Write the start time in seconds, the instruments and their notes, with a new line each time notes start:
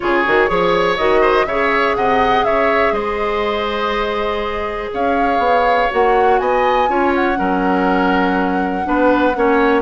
0.00 bassoon C#3, clarinet F4, oboe G#4, flute C#5
0.26 bassoon D#3, clarinet F#4
0.47 bassoon F3, clarinet G#4, oboe C#5
0.96 bassoon D#3, clarinet F#4, flute D#5
1.21 oboe C5
1.45 bassoon C#3, clarinet G#4, oboe C#5, flute E5
1.95 bassoon C3, oboe D#5, flute F#5
2.44 bassoon C#3, oboe C#5, flute E5
2.91 bassoon G#3, oboe C5, flute D#5
4.93 bassoon C#4, oboe C#5, flute F5
5.38 bassoon B3
5.90 bassoon A#3, clarinet F#4, flute F#5
6.39 bassoon B3, oboe D#5, flute G#5
6.88 bassoon C#4, clarinet F4, oboe C#5
7.14 flute F#5
7.35 bassoon F#3, clarinet C#4, oboe A#4
8.84 bassoon B3, clarinet D4, oboe B4
9.35 bassoon A#3, clarinet C#4, oboe C#5